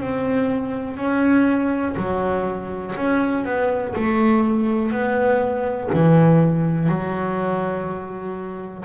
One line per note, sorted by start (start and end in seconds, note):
0.00 0.97 C4
0.97 1.95 C#4
1.97 2.95 F#3
2.96 3.45 C#4
3.45 3.94 B3
3.95 4.92 A3
4.92 5.90 B3
5.93 6.89 E3
6.89 8.85 F#3